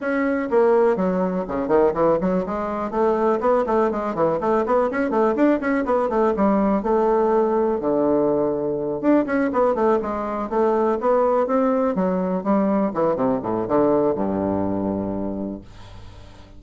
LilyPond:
\new Staff \with { instrumentName = "bassoon" } { \time 4/4 \tempo 4 = 123 cis'4 ais4 fis4 cis8 dis8 | e8 fis8 gis4 a4 b8 a8 | gis8 e8 a8 b8 cis'8 a8 d'8 cis'8 | b8 a8 g4 a2 |
d2~ d8 d'8 cis'8 b8 | a8 gis4 a4 b4 c'8~ | c'8 fis4 g4 e8 c8 a,8 | d4 g,2. | }